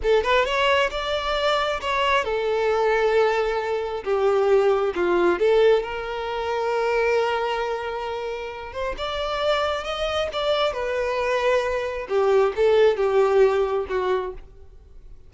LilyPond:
\new Staff \with { instrumentName = "violin" } { \time 4/4 \tempo 4 = 134 a'8 b'8 cis''4 d''2 | cis''4 a'2.~ | a'4 g'2 f'4 | a'4 ais'2.~ |
ais'2.~ ais'8 c''8 | d''2 dis''4 d''4 | b'2. g'4 | a'4 g'2 fis'4 | }